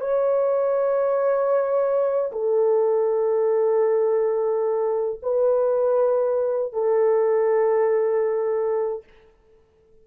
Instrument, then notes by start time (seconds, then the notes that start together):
horn
0.00 C#5
2.32 A4
5.22 B4
6.73 A4